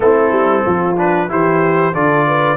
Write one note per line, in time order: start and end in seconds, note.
0.00 0.31 A3
0.00 0.95 C4
0.00 0.64 E4
0.00 0.97 A4
0.31 0.63 G3
0.64 1.29 F3
0.64 1.28 F4
0.97 1.28 D4
0.97 1.30 B4
1.28 1.94 E3
1.28 1.93 E4
1.28 1.93 G4
1.28 1.94 C5
1.93 2.57 D3
1.93 2.57 F4
1.93 2.25 A4
1.93 2.57 D5
2.27 2.57 B4